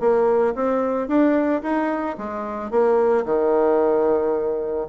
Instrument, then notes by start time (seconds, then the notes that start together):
bassoon
0.00 A#3
0.55 C4
1.08 D4
1.62 D#4
2.18 G#3
2.71 A#3
3.25 D#3